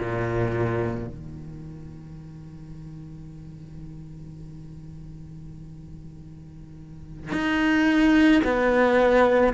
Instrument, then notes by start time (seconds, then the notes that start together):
cello
0.00 A#2
1.08 D#3
7.33 D#4
8.44 B3